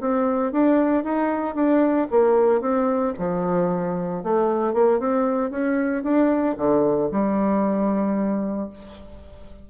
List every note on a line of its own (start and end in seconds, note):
0.00 0.52 C4
0.52 1.04 D4
1.04 1.55 D#4
1.55 2.07 D4
2.10 2.61 A#3
2.61 3.13 C4
3.18 4.23 F3
4.23 4.73 A3
4.73 4.99 A#3
4.99 5.50 C4
5.50 6.03 C#4
6.03 6.56 D4
6.57 7.10 D3
7.11 8.69 G3